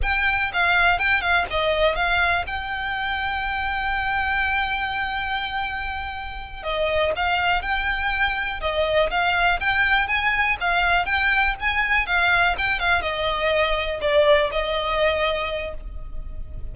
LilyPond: \new Staff \with { instrumentName = "violin" } { \time 4/4 \tempo 4 = 122 g''4 f''4 g''8 f''8 dis''4 | f''4 g''2.~ | g''1~ | g''4. dis''4 f''4 g''8~ |
g''4. dis''4 f''4 g''8~ | g''8 gis''4 f''4 g''4 gis''8~ | gis''8 f''4 g''8 f''8 dis''4.~ | dis''8 d''4 dis''2~ dis''8 | }